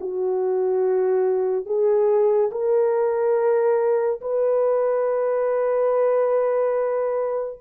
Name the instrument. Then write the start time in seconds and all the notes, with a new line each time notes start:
horn
0.00 F#4
1.66 G#4
2.51 A#4
4.21 B4